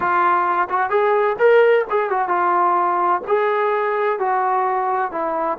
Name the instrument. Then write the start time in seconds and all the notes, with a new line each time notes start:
trombone
0.00 F4
0.69 F#4
0.90 G#4
1.38 A#4
1.90 G#4
2.10 F#4
2.28 F4
3.27 G#4
4.19 F#4
5.11 E4